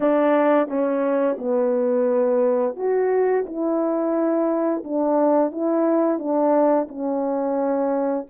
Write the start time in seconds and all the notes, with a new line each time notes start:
0.00 D4
0.67 C#4
1.38 B3
2.76 F#4
3.45 E4
4.84 D4
5.51 E4
6.18 D4
6.88 C#4